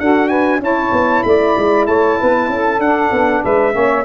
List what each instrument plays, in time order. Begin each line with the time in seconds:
0.00 tuba D4, saxophone F#4 A4, trumpet F#5
0.29 saxophone B4, trumpet G#5
0.60 tuba C#4, saxophone E4 C#5, trumpet A5
0.93 tuba B3
1.23 tuba A3, saxophone D5, trumpet B5
1.57 tuba G#3
1.87 tuba A3, saxophone C#5, trumpet A5
2.19 tuba B3, saxophone B4
2.49 tuba C#4, saxophone A4
2.79 tuba D4, saxophone D4, trumpet F#5
3.12 tuba B3
3.42 tuba G#3, saxophone B4, trumpet E5
3.73 tuba A#3, saxophone C#4 C#5